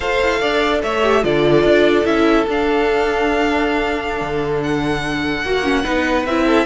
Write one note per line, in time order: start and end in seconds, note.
0.00 0.20 F4
0.00 1.03 A4
0.00 0.39 C5
0.00 0.81 F5
0.21 0.41 E4
0.40 0.83 D4
0.40 0.81 D5
0.83 1.24 A3
0.83 1.24 C#5
0.83 1.24 E5
1.03 1.22 G4
1.22 1.63 D3
1.22 2.05 F4
1.22 5.43 A4
1.22 2.05 D5
1.63 2.04 D4
2.05 2.46 C#4
2.05 2.46 E4
2.05 2.46 E5
2.47 4.21 D4
2.47 5.45 D4
2.47 4.62 F5
4.21 5.43 D3
4.62 6.26 F#5
5.43 5.84 A#3
5.43 5.83 F#4
5.43 5.64 F#4
5.64 5.83 C#4
5.83 6.25 B3
5.83 6.24 D#4
5.83 6.45 B4
6.25 6.66 C4
6.25 6.66 E4
6.25 6.66 E5
6.45 6.66 A4